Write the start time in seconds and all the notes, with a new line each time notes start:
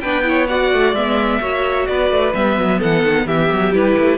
0.00 B3 D4 B4 G5
0.23 E4 C#5
0.47 F#4 D5 F#5
0.73 A3
0.92 G#3 B3 E5
1.40 A#3 F#4 C#5
1.86 B3 B4 D5
2.10 A3
2.34 G3 B3 E5
2.57 F#3
2.79 E3 A4 F#5
3.03 D#3
3.26 E3 G4 E5
3.52 F#3
3.72 G3 E4 B4
3.97 A3